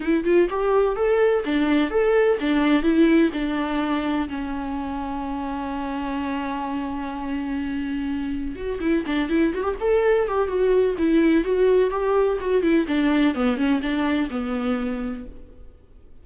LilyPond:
\new Staff \with { instrumentName = "viola" } { \time 4/4 \tempo 4 = 126 e'8 f'8 g'4 a'4 d'4 | a'4 d'4 e'4 d'4~ | d'4 cis'2.~ | cis'1~ |
cis'2 fis'8 e'8 d'8 e'8 | fis'16 g'16 a'4 g'8 fis'4 e'4 | fis'4 g'4 fis'8 e'8 d'4 | b8 cis'8 d'4 b2 | }